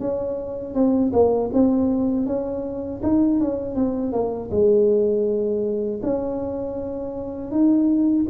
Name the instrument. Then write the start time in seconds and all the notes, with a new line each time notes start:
tuba
0.00 C#4
0.75 C4
1.13 A#3
1.53 C4
2.26 C#4
3.03 D#4
3.41 C#4
3.75 C4
4.12 A#3
4.51 G#3
6.03 C#4
7.51 D#4